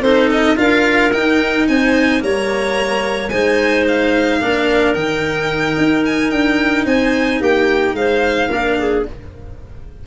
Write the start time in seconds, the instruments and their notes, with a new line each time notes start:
0.00 tuba C4, cello D#4, clarinet A4, violin C5
0.30 violin D#5
0.56 tuba D4, cello F4, clarinet A#4, violin F5
1.12 cello D#4, tuba D#4, violin G5
1.67 tuba C4, clarinet C5, violin G#5
2.19 tuba G3, cello A#3, clarinet C#5, violin A#5
3.29 tuba G#3, cello D#4, clarinet C5, violin G#5
3.87 violin F5
4.40 tuba A#3, cello D4, clarinet A#4
4.94 tuba D#3, cello D#4, violin G5
5.77 tuba D#4
6.05 violin G#5
6.30 tuba D4, violin G5
6.85 tuba C4, clarinet C5, violin G#5
7.40 tuba A#3, clarinet G4, violin G5
7.93 tuba G#3, clarinet C5, violin F5
8.48 tuba A#3, cello D4, clarinet A#4
8.78 clarinet G#4